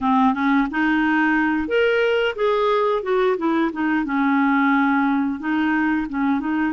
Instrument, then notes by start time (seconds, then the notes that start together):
clarinet
0.01 C4
0.33 C#4
0.70 D#4
1.67 A#4
2.35 G#4
3.02 F#4
3.37 E4
3.72 D#4
4.04 C#4
5.39 D#4
6.09 C#4
6.40 D#4